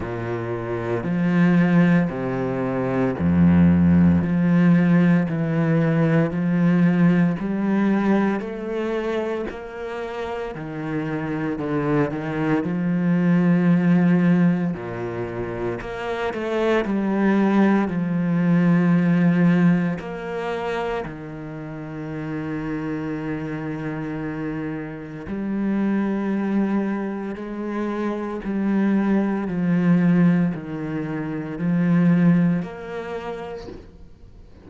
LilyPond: \new Staff \with { instrumentName = "cello" } { \time 4/4 \tempo 4 = 57 ais,4 f4 c4 f,4 | f4 e4 f4 g4 | a4 ais4 dis4 d8 dis8 | f2 ais,4 ais8 a8 |
g4 f2 ais4 | dis1 | g2 gis4 g4 | f4 dis4 f4 ais4 | }